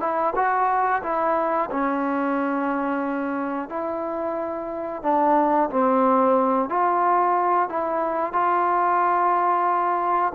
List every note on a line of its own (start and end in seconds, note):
0.00 0.33 E4
0.35 1.02 F#4
1.02 1.69 E4
1.71 3.69 C#4
3.69 5.02 E4
5.03 5.69 D4
5.70 6.69 C4
6.69 7.69 F4
7.69 8.32 E4
8.32 10.32 F4